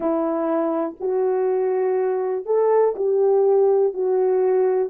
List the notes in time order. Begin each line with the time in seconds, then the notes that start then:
0.00 E4
1.00 F#4
2.45 A4
2.95 G4
3.93 F#4